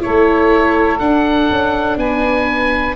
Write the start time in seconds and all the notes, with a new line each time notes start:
0.00 E4 A4 C#5
0.07 A3
0.99 D4 F#5
1.50 C#4
1.97 B3 B4 G#5